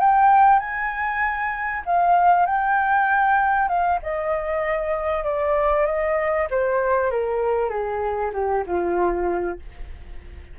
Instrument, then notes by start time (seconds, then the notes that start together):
flute
0.00 G5
0.59 G#5
1.86 F5
2.46 G5
3.68 F5
4.02 D#5
5.24 D5
5.86 D#5
6.50 C5
7.10 A#4
7.69 G#4
8.33 G4
8.66 F4